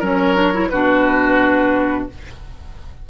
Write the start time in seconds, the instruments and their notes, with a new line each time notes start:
0.00 bassoon F#3, clarinet C#4, oboe A#4, flute C#5
0.36 clarinet D4
0.54 clarinet E4
0.69 bassoon B2, clarinet D4, oboe F#4, flute B4